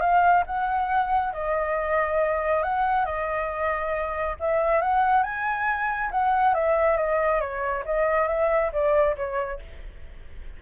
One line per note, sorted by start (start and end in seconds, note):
0.00 0.43 F5
0.46 1.33 F#5
1.33 2.63 D#5
2.63 3.05 F#5
3.05 4.36 D#5
4.40 4.81 E5
4.81 5.23 F#5
5.23 6.10 G#5
6.11 6.54 F#5
6.54 6.97 E5
6.97 7.40 D#5
7.40 7.84 C#5
7.85 8.28 D#5
8.28 8.71 E5
8.72 9.16 D5
9.16 9.60 C#5